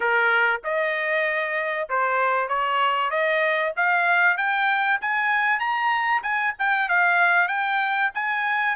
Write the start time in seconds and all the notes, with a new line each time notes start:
0.00 A#4
0.63 D#5
1.89 C5
2.48 C#5
3.10 D#5
3.76 F5
4.37 G5
5.01 G#5
5.59 A#5
6.22 G#5
6.59 G5
6.89 F5
7.48 G5
8.14 G#5